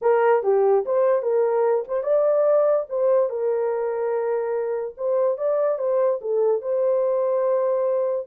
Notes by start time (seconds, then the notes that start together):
0.01 A#4
0.43 G4
0.85 C5
1.22 A#4
1.88 C5
2.03 D5
2.89 C5
3.29 A#4
4.97 C5
5.37 D5
5.78 C5
6.21 A4
6.61 C5